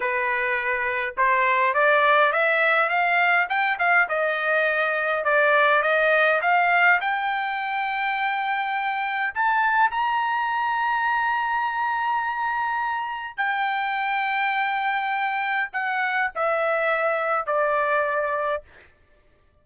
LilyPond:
\new Staff \with { instrumentName = "trumpet" } { \time 4/4 \tempo 4 = 103 b'2 c''4 d''4 | e''4 f''4 g''8 f''8 dis''4~ | dis''4 d''4 dis''4 f''4 | g''1 |
a''4 ais''2.~ | ais''2. g''4~ | g''2. fis''4 | e''2 d''2 | }